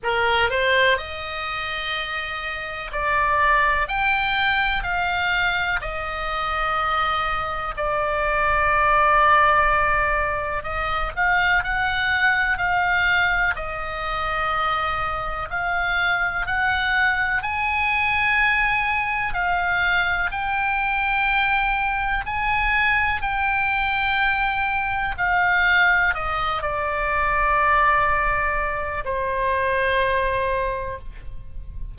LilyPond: \new Staff \with { instrumentName = "oboe" } { \time 4/4 \tempo 4 = 62 ais'8 c''8 dis''2 d''4 | g''4 f''4 dis''2 | d''2. dis''8 f''8 | fis''4 f''4 dis''2 |
f''4 fis''4 gis''2 | f''4 g''2 gis''4 | g''2 f''4 dis''8 d''8~ | d''2 c''2 | }